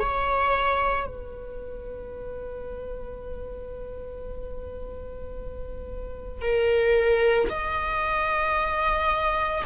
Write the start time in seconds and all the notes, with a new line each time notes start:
0.00 C#5
1.07 B4
6.42 A#4
7.50 D#5